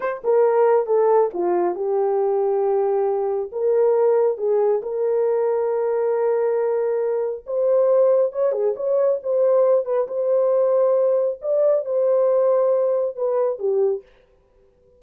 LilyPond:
\new Staff \with { instrumentName = "horn" } { \time 4/4 \tempo 4 = 137 c''8 ais'4. a'4 f'4 | g'1 | ais'2 gis'4 ais'4~ | ais'1~ |
ais'4 c''2 cis''8 gis'8 | cis''4 c''4. b'8 c''4~ | c''2 d''4 c''4~ | c''2 b'4 g'4 | }